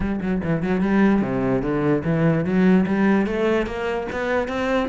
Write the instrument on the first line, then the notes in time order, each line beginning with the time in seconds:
cello
0.00 G3
0.21 F#3
0.43 E3
0.62 F#3
0.81 G3
1.21 C3
1.62 D3
2.04 E3
2.45 F#3
2.86 G3
3.26 A3
3.66 A#3
4.12 B3
4.48 C4